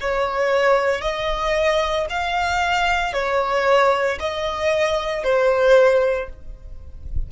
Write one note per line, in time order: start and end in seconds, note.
0.00 1.01 C#5
1.01 2.06 D#5
2.10 3.13 F5
3.13 4.18 C#5
4.20 5.23 D#5
5.23 6.29 C5